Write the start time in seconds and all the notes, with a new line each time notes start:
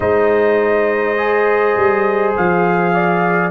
0.00 G#3 D#4 C5 D#5
1.17 G#4
1.76 G3
2.37 F3 F5
2.93 D5